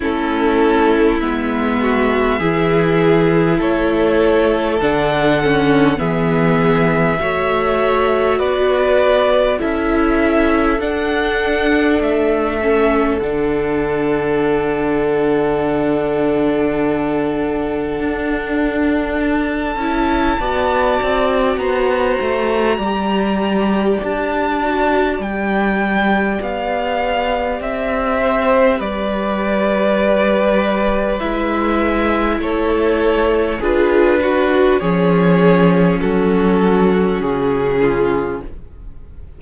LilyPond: <<
  \new Staff \with { instrumentName = "violin" } { \time 4/4 \tempo 4 = 50 a'4 e''2 cis''4 | fis''4 e''2 d''4 | e''4 fis''4 e''4 fis''4~ | fis''1 |
a''2 ais''2 | a''4 g''4 f''4 e''4 | d''2 e''4 cis''4 | b'4 cis''4 a'4 gis'4 | }
  \new Staff \with { instrumentName = "violin" } { \time 4/4 e'4. fis'8 gis'4 a'4~ | a'4 gis'4 cis''4 b'4 | a'1~ | a'1~ |
a'4 d''4 c''4 d''4~ | d''2.~ d''8 c''8 | b'2. a'4 | gis'8 fis'8 gis'4 fis'4. f'8 | }
  \new Staff \with { instrumentName = "viola" } { \time 4/4 cis'4 b4 e'2 | d'8 cis'8 b4 fis'2 | e'4 d'4. cis'8 d'4~ | d'1~ |
d'8 e'8 fis'2 g'4~ | g'8 fis'8 g'2.~ | g'2 e'2 | f'8 fis'8 cis'2. | }
  \new Staff \with { instrumentName = "cello" } { \time 4/4 a4 gis4 e4 a4 | d4 e4 a4 b4 | cis'4 d'4 a4 d4~ | d2. d'4~ |
d'8 cis'8 b8 c'8 b8 a8 g4 | d'4 g4 b4 c'4 | g2 gis4 a4 | d'4 f4 fis4 cis4 | }
>>